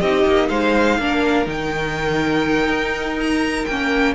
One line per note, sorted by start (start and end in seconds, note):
0.00 0.25 C4
0.00 1.00 D#4
0.00 0.49 G4
0.00 0.48 D#5
0.25 0.49 A#3
0.48 0.98 G#3
0.48 0.98 C5
0.48 1.46 F5
0.98 1.46 A#3
0.98 1.45 D4
0.98 4.15 A#4
1.45 2.68 D#3
1.45 3.65 D#4
1.45 3.20 G5
2.68 3.65 D#4
3.20 3.65 A#5
3.65 4.15 A#3
3.65 4.15 C#4
3.65 4.14 G5